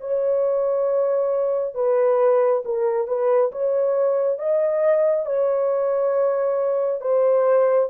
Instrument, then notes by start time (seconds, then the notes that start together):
horn
0.00 C#5
1.74 B4
2.65 A#4
3.07 B4
3.51 C#5
4.38 D#5
5.26 C#5
7.01 C5